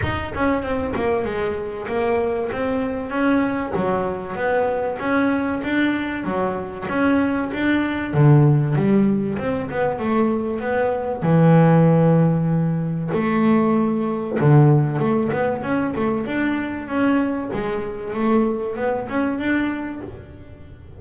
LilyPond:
\new Staff \with { instrumentName = "double bass" } { \time 4/4 \tempo 4 = 96 dis'8 cis'8 c'8 ais8 gis4 ais4 | c'4 cis'4 fis4 b4 | cis'4 d'4 fis4 cis'4 | d'4 d4 g4 c'8 b8 |
a4 b4 e2~ | e4 a2 d4 | a8 b8 cis'8 a8 d'4 cis'4 | gis4 a4 b8 cis'8 d'4 | }